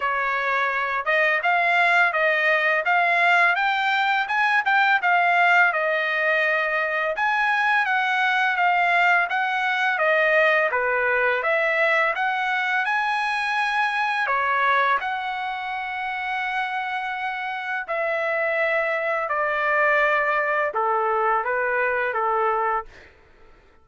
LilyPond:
\new Staff \with { instrumentName = "trumpet" } { \time 4/4 \tempo 4 = 84 cis''4. dis''8 f''4 dis''4 | f''4 g''4 gis''8 g''8 f''4 | dis''2 gis''4 fis''4 | f''4 fis''4 dis''4 b'4 |
e''4 fis''4 gis''2 | cis''4 fis''2.~ | fis''4 e''2 d''4~ | d''4 a'4 b'4 a'4 | }